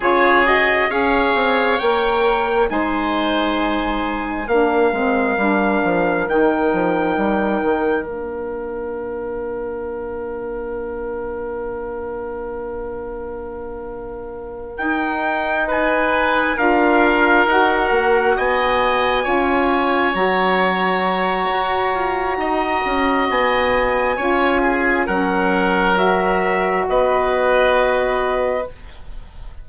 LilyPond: <<
  \new Staff \with { instrumentName = "trumpet" } { \time 4/4 \tempo 4 = 67 cis''8 dis''8 f''4 g''4 gis''4~ | gis''4 f''2 g''4~ | g''4 f''2.~ | f''1~ |
f''8 g''4 gis''4 f''4 fis''8~ | fis''8 gis''2 ais''4.~ | ais''2 gis''2 | fis''4 e''4 dis''2 | }
  \new Staff \with { instrumentName = "oboe" } { \time 4/4 gis'4 cis''2 c''4~ | c''4 ais'2.~ | ais'1~ | ais'1~ |
ais'4. b'4 ais'4.~ | ais'8 dis''4 cis''2~ cis''8~ | cis''4 dis''2 cis''8 gis'8 | ais'2 b'2 | }
  \new Staff \with { instrumentName = "saxophone" } { \time 4/4 f'8 fis'8 gis'4 ais'4 dis'4~ | dis'4 d'8 c'8 d'4 dis'4~ | dis'4 d'2.~ | d'1~ |
d'8 dis'2 f'4 fis'8~ | fis'4. f'4 fis'4.~ | fis'2. f'4 | cis'4 fis'2. | }
  \new Staff \with { instrumentName = "bassoon" } { \time 4/4 cis4 cis'8 c'8 ais4 gis4~ | gis4 ais8 gis8 g8 f8 dis8 f8 | g8 dis8 ais2.~ | ais1~ |
ais8 dis'2 d'4 dis'8 | ais8 b4 cis'4 fis4. | fis'8 f'8 dis'8 cis'8 b4 cis'4 | fis2 b2 | }
>>